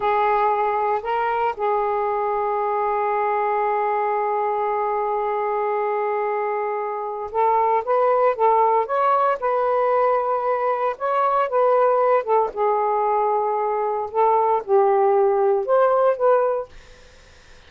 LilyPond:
\new Staff \with { instrumentName = "saxophone" } { \time 4/4 \tempo 4 = 115 gis'2 ais'4 gis'4~ | gis'1~ | gis'1~ | gis'2 a'4 b'4 |
a'4 cis''4 b'2~ | b'4 cis''4 b'4. a'8 | gis'2. a'4 | g'2 c''4 b'4 | }